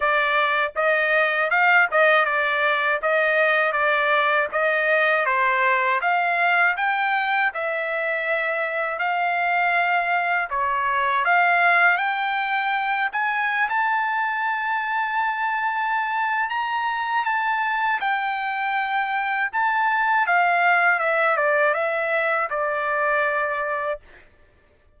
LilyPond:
\new Staff \with { instrumentName = "trumpet" } { \time 4/4 \tempo 4 = 80 d''4 dis''4 f''8 dis''8 d''4 | dis''4 d''4 dis''4 c''4 | f''4 g''4 e''2 | f''2 cis''4 f''4 |
g''4. gis''8. a''4.~ a''16~ | a''2 ais''4 a''4 | g''2 a''4 f''4 | e''8 d''8 e''4 d''2 | }